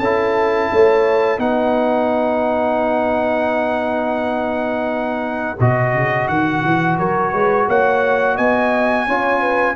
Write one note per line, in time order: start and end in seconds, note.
0.00 0.70 C#4
0.00 1.39 E4
0.00 0.70 A4
0.00 1.40 A5
0.73 1.38 A3
0.73 1.41 C#5
1.38 5.57 B3
1.38 5.57 D#4
1.38 6.99 B4
1.38 5.59 F#5
5.60 5.94 B2
5.60 9.09 F#4
5.60 6.28 D#5
5.94 6.29 C#3
6.28 6.64 D#3
6.28 6.98 F#5
6.65 7.00 E3
6.99 7.33 F#3
6.99 7.32 A#4
6.99 7.69 C#5
7.32 7.68 G#3
7.32 7.67 B4
7.68 8.38 A#3
7.68 8.36 C#5
7.68 8.37 F#5
8.36 9.08 B3
8.36 9.05 D#5
8.36 9.76 G#5
9.07 9.76 C#4
9.07 9.76 F4
9.07 9.41 C#5
9.41 9.75 B4